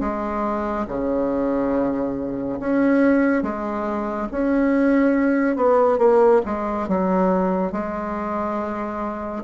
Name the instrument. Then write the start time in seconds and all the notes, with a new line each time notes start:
bassoon
0.00 G#3
0.87 C#3
2.60 C#4
3.42 G#3
4.31 C#4
5.56 B3
5.98 A#3
6.45 G#3
6.88 F#3
7.72 G#3